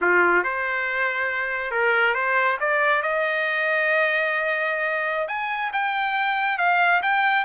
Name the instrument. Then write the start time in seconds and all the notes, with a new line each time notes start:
trumpet
0.01 F4
0.43 C5
1.71 A#4
2.14 C5
2.60 D5
3.02 D#5
5.28 G#5
5.73 G5
6.58 F5
7.02 G5